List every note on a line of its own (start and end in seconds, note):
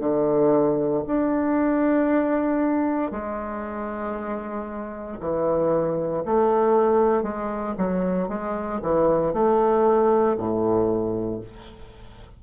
0.00 1.03 D3
1.07 3.11 D4
3.11 5.18 G#3
5.20 6.24 E3
6.25 7.23 A3
7.23 7.74 G#3
7.78 8.29 F#3
8.29 8.80 G#3
8.82 9.33 E3
9.33 10.37 A3
10.37 11.41 A2